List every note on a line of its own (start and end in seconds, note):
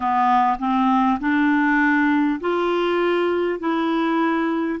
0.00 0.57 B3
0.58 1.18 C4
1.19 2.39 D4
2.40 3.59 F4
3.59 4.79 E4